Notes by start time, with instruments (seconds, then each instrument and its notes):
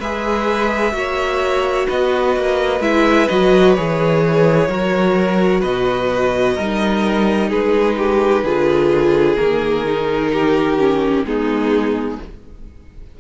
0.00 cello G#3, viola G#4, violin B4 E5
0.93 cello A#3, viola F#4, violin C#5
1.88 cello B3, violin B4 D#5
2.37 cello A#3
2.81 cello G#3, viola E4, violin E5
3.29 cello F#3, viola F#4, violin D#5
3.75 cello E3, viola G#4, violin C#5
4.69 cello F#3, viola F#4, violin A#4
5.61 cello B2, violin B4 D#5
6.56 cello G3, viola D#4, violin A#4
7.49 cello G#3, violin G#4 B4
7.98 violin G4
8.44 cello D3, viola F4, violin G#4
9.36 cello D#3, viola A#3, violin A#4
9.87 viola D#4
10.33 violin G4
10.79 viola C#4
11.25 cello G#3, viola B3, violin D#4 G#4